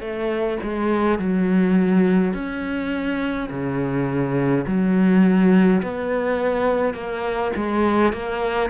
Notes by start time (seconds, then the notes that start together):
0.00 A3
0.62 G#3
1.19 F#3
2.33 C#4
3.49 C#3
4.66 F#3
5.82 B3
6.94 A#3
7.56 G#3
8.12 A#3